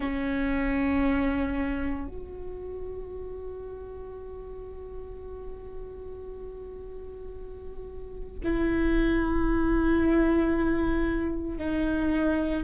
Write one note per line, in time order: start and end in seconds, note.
0.00 2.07 C#4
2.07 8.39 F#4
8.44 11.57 E4
11.57 12.63 D#4